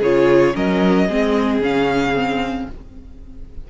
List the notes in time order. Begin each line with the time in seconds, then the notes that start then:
0.00 C#3 F4 G#4 C#5
0.55 F#3 C#4 A#4 D#5
1.08 G#3 C4 G#4
1.60 C#3 C#4 F5
2.15 C4